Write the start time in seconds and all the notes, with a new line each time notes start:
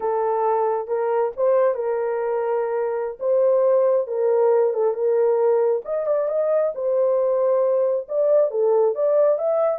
0.00 A4
0.87 A#4
1.36 C5
1.74 A#4
3.19 C5
4.07 A#4
4.73 A4
4.94 A#4
5.84 D#5
6.06 D5
6.28 D#5
6.74 C5
8.08 D5
8.50 A4
8.94 D5
9.38 E5